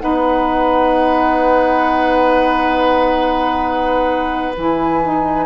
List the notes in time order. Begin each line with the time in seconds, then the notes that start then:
0.00 B3 D#4 B4 F#5
4.57 E3 E4 G#5
5.03 D#4